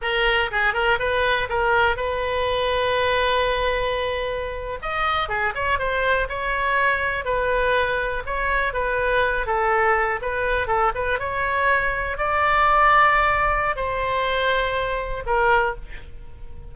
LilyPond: \new Staff \with { instrumentName = "oboe" } { \time 4/4 \tempo 4 = 122 ais'4 gis'8 ais'8 b'4 ais'4 | b'1~ | b'4.~ b'16 dis''4 gis'8 cis''8 c''16~ | c''8. cis''2 b'4~ b'16~ |
b'8. cis''4 b'4. a'8.~ | a'8. b'4 a'8 b'8 cis''4~ cis''16~ | cis''8. d''2.~ d''16 | c''2. ais'4 | }